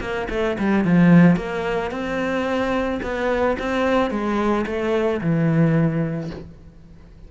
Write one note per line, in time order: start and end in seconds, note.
0.00 0.27 A#3
0.30 0.57 A3
0.58 0.84 G3
0.84 1.36 F3
1.36 1.91 A#3
1.91 3.00 C4
3.02 3.57 B3
3.59 4.10 C4
4.10 4.65 G#3
4.66 5.20 A3
5.21 6.30 E3